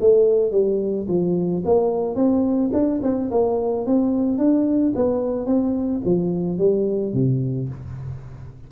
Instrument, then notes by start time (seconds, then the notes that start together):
tuba
0.00 A3
0.51 G3
1.08 F3
1.65 A#3
2.15 C4
2.73 D4
3.02 C4
3.31 A#3
3.86 C4
4.38 D4
4.95 B3
5.46 C4
6.05 F3
6.58 G3
7.13 C3